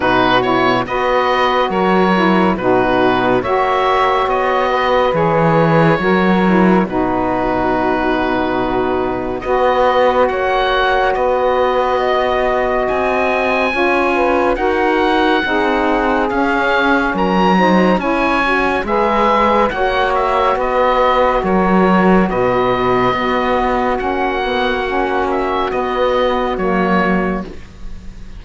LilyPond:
<<
  \new Staff \with { instrumentName = "oboe" } { \time 4/4 \tempo 4 = 70 b'8 cis''8 dis''4 cis''4 b'4 | e''4 dis''4 cis''2 | b'2. dis''4 | fis''4 dis''2 gis''4~ |
gis''4 fis''2 f''4 | ais''4 gis''4 e''4 fis''8 e''8 | dis''4 cis''4 dis''2 | fis''4. e''8 dis''4 cis''4 | }
  \new Staff \with { instrumentName = "saxophone" } { \time 4/4 fis'4 b'4 ais'4 fis'4 | cis''4. b'4. ais'4 | fis'2. b'4 | cis''4 b'4 dis''2 |
cis''8 b'8 ais'4 gis'2 | ais'8 c''8 cis''4 b'4 cis''4 | b'4 ais'4 b'4 fis'4~ | fis'1 | }
  \new Staff \with { instrumentName = "saxophone" } { \time 4/4 dis'8 e'8 fis'4. e'8 dis'4 | fis'2 gis'4 fis'8 e'8 | dis'2. fis'4~ | fis'1 |
f'4 fis'4 dis'4 cis'4~ | cis'8 dis'8 e'8 fis'8 gis'4 fis'4~ | fis'2. b4 | cis'8 b8 cis'4 b4 ais4 | }
  \new Staff \with { instrumentName = "cello" } { \time 4/4 b,4 b4 fis4 b,4 | ais4 b4 e4 fis4 | b,2. b4 | ais4 b2 c'4 |
cis'4 dis'4 c'4 cis'4 | fis4 cis'4 gis4 ais4 | b4 fis4 b,4 b4 | ais2 b4 fis4 | }
>>